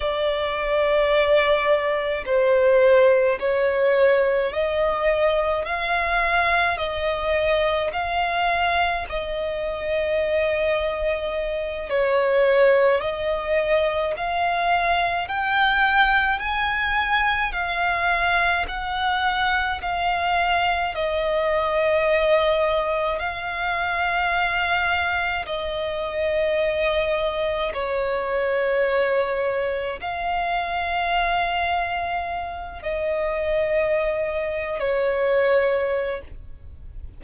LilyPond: \new Staff \with { instrumentName = "violin" } { \time 4/4 \tempo 4 = 53 d''2 c''4 cis''4 | dis''4 f''4 dis''4 f''4 | dis''2~ dis''8 cis''4 dis''8~ | dis''8 f''4 g''4 gis''4 f''8~ |
f''8 fis''4 f''4 dis''4.~ | dis''8 f''2 dis''4.~ | dis''8 cis''2 f''4.~ | f''4 dis''4.~ dis''16 cis''4~ cis''16 | }